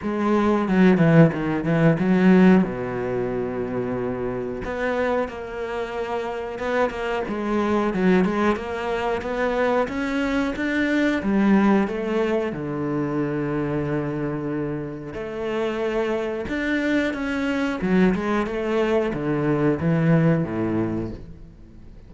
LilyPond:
\new Staff \with { instrumentName = "cello" } { \time 4/4 \tempo 4 = 91 gis4 fis8 e8 dis8 e8 fis4 | b,2. b4 | ais2 b8 ais8 gis4 | fis8 gis8 ais4 b4 cis'4 |
d'4 g4 a4 d4~ | d2. a4~ | a4 d'4 cis'4 fis8 gis8 | a4 d4 e4 a,4 | }